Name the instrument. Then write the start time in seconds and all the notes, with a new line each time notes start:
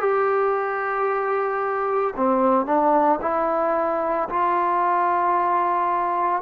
trombone
0.00 G4
2.17 C4
2.66 D4
3.21 E4
4.30 F4